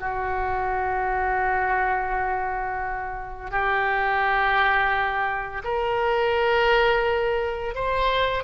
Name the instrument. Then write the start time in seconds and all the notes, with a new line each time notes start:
oboe
0.00 F#4
3.51 G4
5.64 A#4
7.75 C5